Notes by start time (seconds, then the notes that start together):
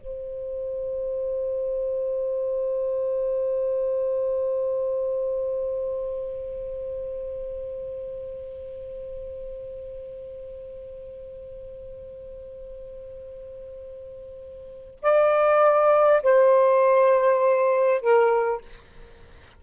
0.00 C5
15.02 D5
16.23 C5
18.01 A#4